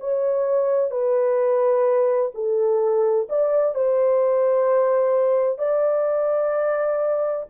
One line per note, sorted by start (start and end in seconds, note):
0.00 0.91 C#5
0.91 2.31 B4
2.34 3.28 A4
3.29 3.75 D5
3.75 5.58 C5
5.58 7.46 D5